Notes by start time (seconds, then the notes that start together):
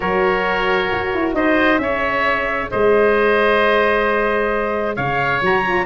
0.00 F#3 F#4 A#4 C#5
0.92 F#4
1.13 E4
1.34 D#4 C5 D#5
1.78 C#4 G#4 C#5 E5
2.70 G#3 C5 D#5
4.95 C#3 C#5 F5
5.41 F#3 F#4 A#5
5.64 F4